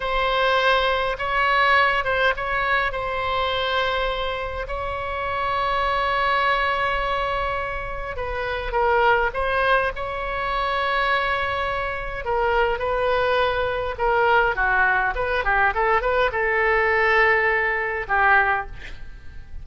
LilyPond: \new Staff \with { instrumentName = "oboe" } { \time 4/4 \tempo 4 = 103 c''2 cis''4. c''8 | cis''4 c''2. | cis''1~ | cis''2 b'4 ais'4 |
c''4 cis''2.~ | cis''4 ais'4 b'2 | ais'4 fis'4 b'8 g'8 a'8 b'8 | a'2. g'4 | }